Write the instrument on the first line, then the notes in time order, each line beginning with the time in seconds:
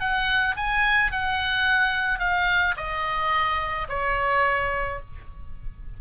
oboe
0.00 F#5
0.56 G#5
1.12 F#5
2.19 F5
2.77 D#5
3.89 C#5